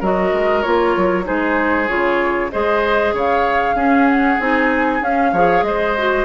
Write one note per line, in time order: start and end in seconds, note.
0.00 0.33 F#3
0.00 0.64 F#4
0.00 1.25 A#4
0.00 0.62 D#5
0.33 0.65 G#3
0.62 0.97 A#3
0.62 1.24 F4
0.62 1.25 C#5
0.97 1.28 F#3
1.24 1.90 G#3
1.24 1.87 D#4
1.24 2.51 G#4
1.24 1.88 C5
1.88 2.52 C#3
1.88 2.51 F4
1.88 2.51 C#5
2.52 3.13 G#3
2.52 3.76 G#4
2.52 3.15 C5
2.52 3.14 D#5
3.13 3.75 C#3
3.13 3.76 C#5
3.13 4.09 F5
3.75 4.38 C#4
3.75 4.39 C#4
3.75 5.32 G#4
4.09 4.41 F#5
4.40 5.01 C4
4.40 5.02 D#4
4.40 5.03 G#5
5.01 5.33 C#4
5.01 5.35 C#4
5.01 5.64 F5
5.33 5.62 F3
5.33 5.98 G#4
5.33 5.64 C#5
5.62 6.25 G#3
5.62 6.26 C5
5.62 6.26 D#5
5.98 6.26 F#4